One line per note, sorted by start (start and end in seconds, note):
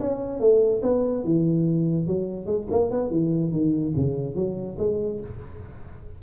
0.00 0.40 C#4
0.40 0.82 A3
0.82 1.24 B3
1.24 2.07 E3
2.07 2.46 F#3
2.46 2.67 G#3
2.71 2.91 A#3
2.91 3.10 B3
3.10 3.51 E3
3.51 3.93 D#3
3.96 4.35 C#3
4.35 4.77 F#3
4.79 5.20 G#3